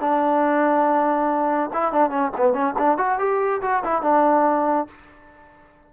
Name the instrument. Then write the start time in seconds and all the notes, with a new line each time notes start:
trombone
0.00 D4
1.73 E4
1.92 D4
2.10 C#4
2.37 B3
2.53 C#4
2.78 D4
2.97 F#4
3.18 G4
3.61 F#4
3.84 E4
4.02 D4